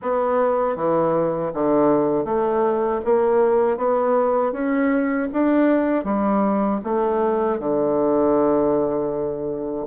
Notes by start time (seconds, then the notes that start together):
0.01 B3
0.76 E3
1.53 D3
2.24 A3
3.04 A#3
3.77 B3
4.52 C#4
5.32 D4
6.04 G3
6.84 A3
7.59 D3